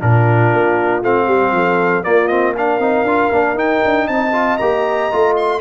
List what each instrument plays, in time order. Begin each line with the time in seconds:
0.00 tuba A#2, trombone D4, horn F4, trumpet A#4
0.53 tuba A#3
1.03 tuba A3, trombone C4, trumpet F5
1.26 tuba G3, horn G4
1.52 tuba F3, horn A4
2.03 trombone A#3, tuba A#3, horn F4, trumpet D5
2.28 trombone C4, trumpet D#5
2.55 trombone D4, horn A#4, trumpet F5
2.79 tuba C4, trombone D#4
3.03 tuba D4, trombone F4
3.32 tuba A#3, trombone D4
3.54 tuba D#4, trombone D#4, trumpet G5
3.85 tuba D4
4.08 tuba C4, horn D#5, trumpet A5
4.33 trombone F4
4.58 tuba A#3, trombone G4, trumpet A#5
5.12 tuba A3, trombone F4
5.37 trumpet C6